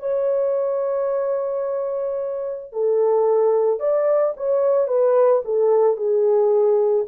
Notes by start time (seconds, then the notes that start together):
0.00 C#5
2.73 A4
3.80 D5
4.37 C#5
4.88 B4
5.45 A4
5.97 G#4